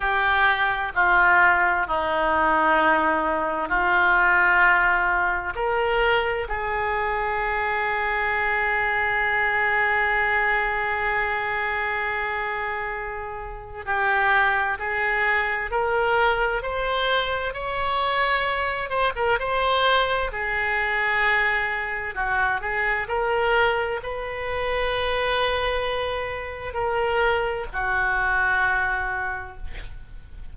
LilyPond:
\new Staff \with { instrumentName = "oboe" } { \time 4/4 \tempo 4 = 65 g'4 f'4 dis'2 | f'2 ais'4 gis'4~ | gis'1~ | gis'2. g'4 |
gis'4 ais'4 c''4 cis''4~ | cis''8 c''16 ais'16 c''4 gis'2 | fis'8 gis'8 ais'4 b'2~ | b'4 ais'4 fis'2 | }